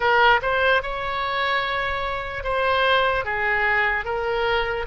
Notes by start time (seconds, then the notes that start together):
0.00 A#4
0.42 C5
0.82 C#5
2.43 C5
3.24 G#4
4.05 A#4